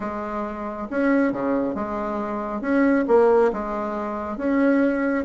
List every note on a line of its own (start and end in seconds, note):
0.00 0.88 G#3
0.90 1.32 C#4
1.32 1.74 C#3
1.74 2.61 G#3
2.61 3.04 C#4
3.07 3.51 A#3
3.53 4.37 G#3
4.37 5.25 C#4